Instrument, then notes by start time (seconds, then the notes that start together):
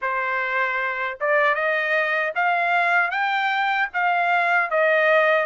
trumpet
0.01 C5
1.20 D5
1.54 D#5
2.35 F5
3.11 G5
3.93 F5
4.70 D#5